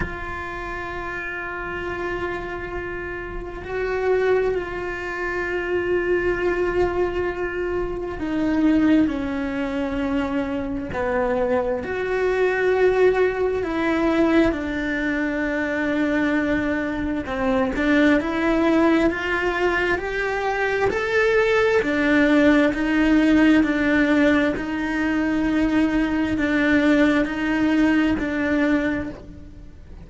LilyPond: \new Staff \with { instrumentName = "cello" } { \time 4/4 \tempo 4 = 66 f'1 | fis'4 f'2.~ | f'4 dis'4 cis'2 | b4 fis'2 e'4 |
d'2. c'8 d'8 | e'4 f'4 g'4 a'4 | d'4 dis'4 d'4 dis'4~ | dis'4 d'4 dis'4 d'4 | }